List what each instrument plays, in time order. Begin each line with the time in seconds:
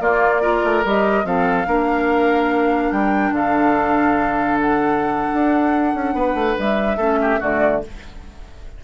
0.00 bassoon A#3, clarinet A#3, oboe F4, flute D5
0.42 clarinet F4, oboe A#4
0.64 bassoon A3
0.85 bassoon G3, clarinet G4, flute D#5
1.24 bassoon F3, clarinet C4, oboe A4, flute F5
1.65 bassoon A#3, clarinet D4, oboe A#4
2.92 bassoon G3, flute G5
3.31 bassoon D3, oboe A4, flute F5
4.61 flute F#5
5.34 bassoon D4
5.95 bassoon C#4
6.14 bassoon B3, oboe B4
6.35 bassoon A3
6.59 bassoon G3, flute E5
6.97 bassoon A3, clarinet C#4, oboe A4
7.22 oboe G4
7.40 bassoon D3, clarinet A3, oboe F#4, flute D5